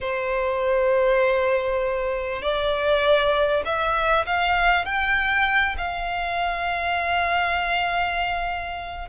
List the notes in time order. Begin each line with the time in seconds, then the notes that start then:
0.00 C5
2.42 D5
3.65 E5
4.26 F5
4.85 G5
5.77 F5